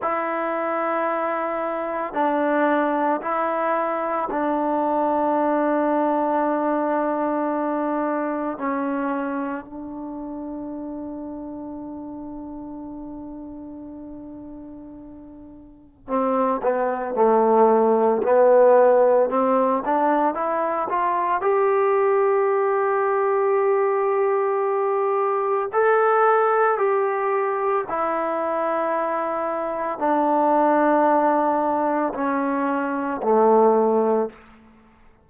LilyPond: \new Staff \with { instrumentName = "trombone" } { \time 4/4 \tempo 4 = 56 e'2 d'4 e'4 | d'1 | cis'4 d'2.~ | d'2. c'8 b8 |
a4 b4 c'8 d'8 e'8 f'8 | g'1 | a'4 g'4 e'2 | d'2 cis'4 a4 | }